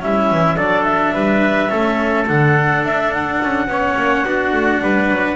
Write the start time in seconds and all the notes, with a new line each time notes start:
0.00 G3 C#4 E4 E5
0.31 E3
0.57 F#3 D4 A4 D5
0.84 E5
1.14 G3 B4
1.69 A3 C#4 A4
2.27 D3 D4 F#5
2.83 D4 E5
3.13 F#5
3.43 C#4
3.68 B3 C#4 C#5
3.97 A#3
4.25 B3 D4 F#4
4.53 A3
4.82 G3 B4
5.10 F#3